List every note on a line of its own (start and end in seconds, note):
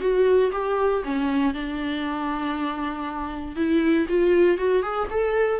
0.00 0.51 F#4
0.52 1.02 G4
1.04 1.54 C#4
1.54 3.55 D4
3.55 4.06 E4
4.08 4.57 F4
4.57 4.82 F#4
4.82 5.08 G#4
5.10 5.60 A4